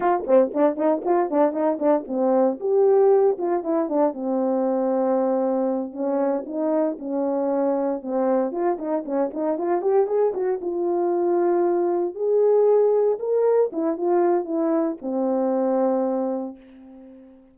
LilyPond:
\new Staff \with { instrumentName = "horn" } { \time 4/4 \tempo 4 = 116 f'8 c'8 d'8 dis'8 f'8 d'8 dis'8 d'8 | c'4 g'4. f'8 e'8 d'8 | c'2.~ c'8 cis'8~ | cis'8 dis'4 cis'2 c'8~ |
c'8 f'8 dis'8 cis'8 dis'8 f'8 g'8 gis'8 | fis'8 f'2. gis'8~ | gis'4. ais'4 e'8 f'4 | e'4 c'2. | }